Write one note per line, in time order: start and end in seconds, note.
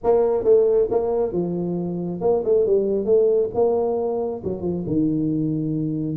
0.03 0.44 A#3
0.44 0.88 A3
0.90 1.32 A#3
1.32 2.20 F3
2.21 2.43 A#3
2.44 2.66 A3
2.66 3.05 G3
3.05 3.49 A3
3.54 4.42 A#3
4.44 4.61 F#3
4.61 4.83 F3
4.86 6.17 D#3